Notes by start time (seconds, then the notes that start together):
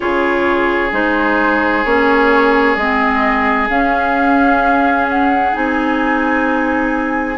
0.00 C#3 F4 G#4 C#5
0.92 G#3 D#4 C5
1.84 A#3 C#4 C#5
2.75 G#3 C4 D#5
3.68 C#4 F5
5.08 F#5
5.52 C4 D#4 G#5